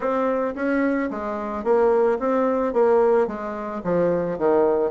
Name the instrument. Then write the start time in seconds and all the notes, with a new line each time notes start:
bassoon
0.00 C4
0.55 C#4
1.10 G#3
1.63 A#3
2.19 C4
2.73 A#3
3.27 G#3
3.84 F3
4.38 D#3